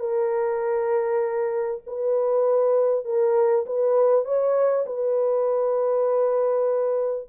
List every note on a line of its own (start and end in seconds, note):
0.00 1.82 A#4
1.87 3.05 B4
3.05 3.66 A#4
3.66 4.25 B4
4.25 4.86 C#5
4.87 7.29 B4